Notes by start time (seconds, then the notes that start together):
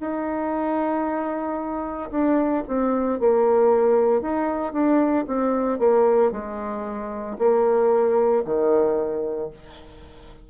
0.00 D#4
2.11 D4
2.67 C4
3.20 A#3
4.22 D#4
4.73 D4
5.27 C4
5.79 A#3
6.32 G#3
7.38 A#3
8.45 D#3